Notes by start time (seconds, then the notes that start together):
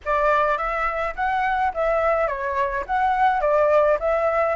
0.05 D5
0.57 E5
1.15 F#5
1.74 E5
2.27 C#5
2.86 F#5
3.41 D5
3.99 E5